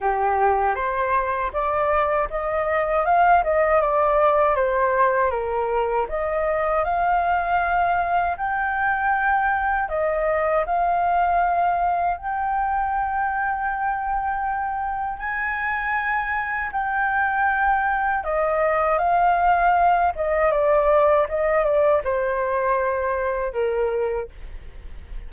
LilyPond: \new Staff \with { instrumentName = "flute" } { \time 4/4 \tempo 4 = 79 g'4 c''4 d''4 dis''4 | f''8 dis''8 d''4 c''4 ais'4 | dis''4 f''2 g''4~ | g''4 dis''4 f''2 |
g''1 | gis''2 g''2 | dis''4 f''4. dis''8 d''4 | dis''8 d''8 c''2 ais'4 | }